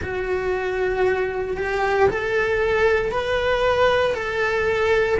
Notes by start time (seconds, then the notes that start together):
0.01 F#4
1.57 G4
2.09 A4
3.11 B4
4.14 A4